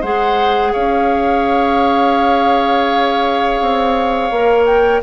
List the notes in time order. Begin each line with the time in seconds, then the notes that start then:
0.00 G#3 G#4 C5 F#5
0.72 C#4 C#5 F5
3.60 C4
4.30 A#3 A#4
4.65 G5